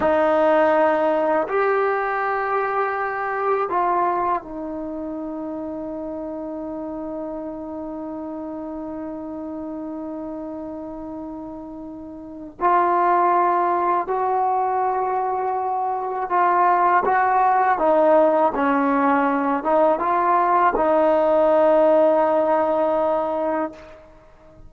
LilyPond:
\new Staff \with { instrumentName = "trombone" } { \time 4/4 \tempo 4 = 81 dis'2 g'2~ | g'4 f'4 dis'2~ | dis'1~ | dis'1~ |
dis'4 f'2 fis'4~ | fis'2 f'4 fis'4 | dis'4 cis'4. dis'8 f'4 | dis'1 | }